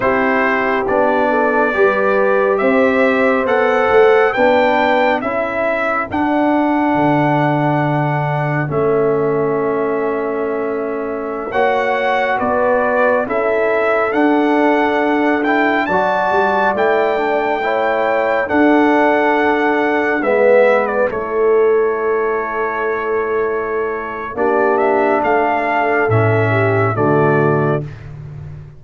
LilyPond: <<
  \new Staff \with { instrumentName = "trumpet" } { \time 4/4 \tempo 4 = 69 c''4 d''2 e''4 | fis''4 g''4 e''4 fis''4~ | fis''2 e''2~ | e''4~ e''16 fis''4 d''4 e''8.~ |
e''16 fis''4. g''8 a''4 g''8.~ | g''4~ g''16 fis''2 e''8. | d''16 cis''2.~ cis''8. | d''8 e''8 f''4 e''4 d''4 | }
  \new Staff \with { instrumentName = "horn" } { \time 4/4 g'4. a'8 b'4 c''4~ | c''4 b'4 a'2~ | a'1~ | a'4~ a'16 cis''4 b'4 a'8.~ |
a'2~ a'16 d''4.~ d''16~ | d''16 cis''4 a'2 b'8.~ | b'16 a'2.~ a'8. | g'4 a'4. g'8 fis'4 | }
  \new Staff \with { instrumentName = "trombone" } { \time 4/4 e'4 d'4 g'2 | a'4 d'4 e'4 d'4~ | d'2 cis'2~ | cis'4~ cis'16 fis'2 e'8.~ |
e'16 d'4. e'8 fis'4 e'8 d'16~ | d'16 e'4 d'2 b8.~ | b16 e'2.~ e'8. | d'2 cis'4 a4 | }
  \new Staff \with { instrumentName = "tuba" } { \time 4/4 c'4 b4 g4 c'4 | b8 a8 b4 cis'4 d'4 | d2 a2~ | a4~ a16 ais4 b4 cis'8.~ |
cis'16 d'2 fis8 g8 a8.~ | a4~ a16 d'2 gis8.~ | gis16 a2.~ a8. | ais4 a4 a,4 d4 | }
>>